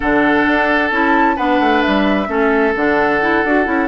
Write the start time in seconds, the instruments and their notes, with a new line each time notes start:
0.00 bassoon D3, clarinet D4, oboe A4, flute F#5
0.46 bassoon D4
0.91 bassoon C#4, clarinet E4, flute A5
1.35 bassoon B3, clarinet D4, oboe B4, flute F#5
1.60 bassoon A3
1.82 bassoon G3, flute E5
2.27 bassoon A3, clarinet C#4, oboe A4
2.75 bassoon D3, clarinet D4, flute F#5
3.21 clarinet E4
3.44 bassoon D4, clarinet F#4
3.65 bassoon C#4, clarinet E4